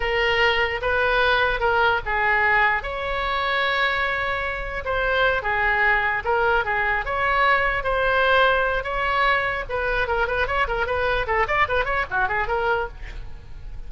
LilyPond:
\new Staff \with { instrumentName = "oboe" } { \time 4/4 \tempo 4 = 149 ais'2 b'2 | ais'4 gis'2 cis''4~ | cis''1 | c''4. gis'2 ais'8~ |
ais'8 gis'4 cis''2 c''8~ | c''2 cis''2 | b'4 ais'8 b'8 cis''8 ais'8 b'4 | a'8 d''8 b'8 cis''8 fis'8 gis'8 ais'4 | }